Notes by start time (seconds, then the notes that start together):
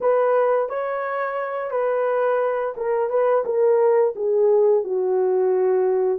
0.00 B4
0.69 C#5
1.71 B4
2.76 A#4
3.09 B4
3.45 A#4
4.15 G#4
4.84 F#4